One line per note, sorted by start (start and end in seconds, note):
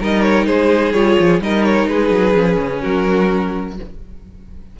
0.00 0.47 G3
0.00 0.94 D#4
0.00 0.47 A#4
0.00 0.22 D#5
0.22 0.45 C#5
0.46 0.93 G#3
0.46 1.41 G#4
0.46 0.93 C5
0.93 1.17 G3
0.93 1.41 F4
0.93 1.40 C#5
1.19 1.40 F3
1.40 1.87 G3
1.40 2.34 D#4
1.40 1.90 A#4
1.40 1.64 D#5
1.64 1.88 C#5
1.87 2.10 G#3
1.87 2.81 G#4
1.87 2.81 B4
2.10 2.34 F#3
2.34 2.58 F3
2.34 3.76 C#4
2.59 2.82 C#3
2.81 3.79 F#3
2.81 3.75 F#4
2.81 3.76 A#4